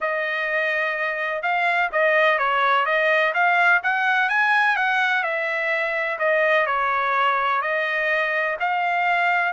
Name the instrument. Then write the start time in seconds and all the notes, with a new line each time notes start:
trumpet
0.01 D#5
1.42 F5
1.92 D#5
2.38 C#5
2.85 D#5
3.33 F5
3.83 F#5
4.29 G#5
4.76 F#5
5.23 E5
6.18 D#5
6.66 C#5
7.61 D#5
8.60 F5